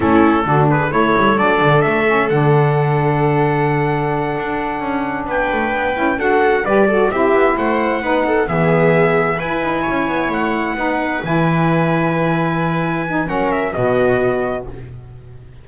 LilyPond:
<<
  \new Staff \with { instrumentName = "trumpet" } { \time 4/4 \tempo 4 = 131 a'4. b'8 cis''4 d''4 | e''4 fis''2.~ | fis''2.~ fis''8 g''8~ | g''4. fis''4 d''4 e''8~ |
e''8 fis''2 e''4.~ | e''8 gis''2 fis''4.~ | fis''8 gis''2.~ gis''8~ | gis''4 fis''8 e''8 dis''2 | }
  \new Staff \with { instrumentName = "viola" } { \time 4/4 e'4 fis'8 gis'8 a'2~ | a'1~ | a'2.~ a'8 b'8~ | b'4. a'4 b'8 a'8 g'8~ |
g'8 c''4 b'8 a'8 gis'4.~ | gis'8 b'4 cis''2 b'8~ | b'1~ | b'4 ais'4 fis'2 | }
  \new Staff \with { instrumentName = "saxophone" } { \time 4/4 cis'4 d'4 e'4 d'4~ | d'8 cis'8 d'2.~ | d'1~ | d'4 e'8 fis'4 g'8 fis'8 e'8~ |
e'4. dis'4 b4.~ | b8 e'2. dis'8~ | dis'8 e'2.~ e'8~ | e'8 dis'8 cis'4 b2 | }
  \new Staff \with { instrumentName = "double bass" } { \time 4/4 a4 d4 a8 g8 fis8 d8 | a4 d2.~ | d4. d'4 cis'4 b8 | a8 b8 cis'8 d'4 g4 c'8 |
b8 a4 b4 e4.~ | e8 e'8 dis'8 cis'8 b8 a4 b8~ | b8 e2.~ e8~ | e4 fis4 b,2 | }
>>